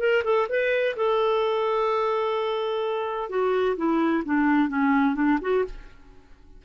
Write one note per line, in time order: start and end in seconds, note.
0.00 0.23 A#4
0.25 0.48 A4
0.49 0.96 B4
0.97 3.30 A4
3.30 3.76 F#4
3.77 4.24 E4
4.25 4.69 D4
4.69 5.15 C#4
5.15 5.39 D4
5.42 5.65 F#4